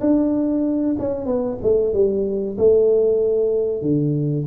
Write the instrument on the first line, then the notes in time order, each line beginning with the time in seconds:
tuba
0.00 D4
0.98 C#4
1.26 B3
1.62 A3
1.93 G3
2.57 A3
3.81 D3